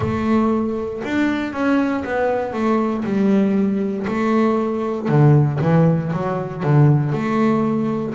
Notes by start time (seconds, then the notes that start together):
0.00 A3
1.04 D4
1.53 C#4
2.04 B3
2.53 A3
3.04 G3
4.07 A3
5.08 D3
5.61 E3
6.12 F#3
6.63 D3
7.12 A3